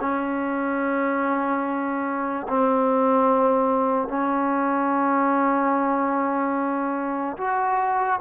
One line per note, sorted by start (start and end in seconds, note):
0.00 2.47 C#4
2.48 4.08 C4
4.08 7.36 C#4
7.37 8.19 F#4